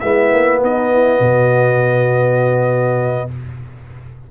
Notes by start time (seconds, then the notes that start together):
0.00 G#3 B3 E4 E5
0.33 A#3
0.62 B3 D#4 D#5
0.92 E4
1.19 B2 F#4